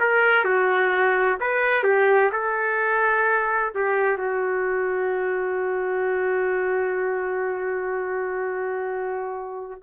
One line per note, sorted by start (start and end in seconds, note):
0.00 0.45 A#4
0.45 1.39 F#4
1.41 1.84 B4
1.84 2.31 G4
2.33 3.73 A4
3.75 4.18 G4
4.18 9.81 F#4